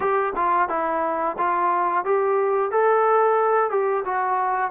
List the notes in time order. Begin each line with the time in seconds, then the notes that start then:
0.00 G4
0.35 F4
0.68 E4
1.38 F4
2.04 G4
2.71 A4
3.70 G4
4.04 F#4